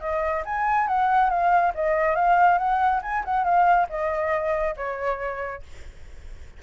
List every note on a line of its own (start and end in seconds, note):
0.00 0.43 D#5
0.45 0.87 G#5
0.87 1.29 F#5
1.29 1.72 F5
1.74 2.15 D#5
2.15 2.58 F5
2.58 3.01 F#5
3.02 3.23 G#5
3.24 3.44 F#5
3.44 3.86 F5
3.89 4.75 D#5
4.76 5.62 C#5